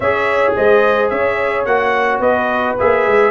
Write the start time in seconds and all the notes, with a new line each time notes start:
0.00 C#4 G#4 C#5 E5
0.55 G#3 C5 D#5
1.09 C#4 C#5 E5
1.65 A#3 F#4 F#5
2.19 B3 B4 D#5
2.79 A#3 G#4 E5
3.07 G#3